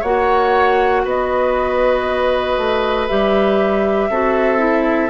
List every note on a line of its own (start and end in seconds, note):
0.00 1.04 A#3
0.00 3.08 F#4
0.00 1.02 C#5
0.00 1.05 F#5
1.04 2.57 B3
1.04 4.10 B4
1.04 3.08 D#5
2.57 3.08 A3
3.08 4.09 G3
3.08 4.10 G4
3.08 5.10 E5
4.09 5.10 C4
4.09 4.57 F#4
4.09 5.10 A4
4.57 5.08 E4